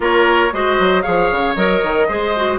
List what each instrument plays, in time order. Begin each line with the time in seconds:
0.00 bassoon A#3, clarinet F4, oboe A#4, flute C#5
0.52 bassoon G#3, clarinet F#4, oboe C5, flute D#5
0.79 bassoon F#3
1.02 bassoon F3, clarinet G#4, oboe C#5, flute F5
1.31 bassoon C#3
1.55 bassoon F#3, clarinet A#4, flute D#5
1.83 bassoon D#3
2.08 bassoon G#3, clarinet G#4, oboe C5
2.36 clarinet F#4